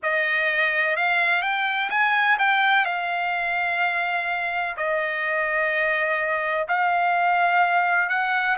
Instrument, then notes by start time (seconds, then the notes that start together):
trumpet
0.03 D#5
0.96 F5
1.42 G5
1.90 G#5
2.38 G5
2.85 F5
4.76 D#5
6.68 F5
8.09 F#5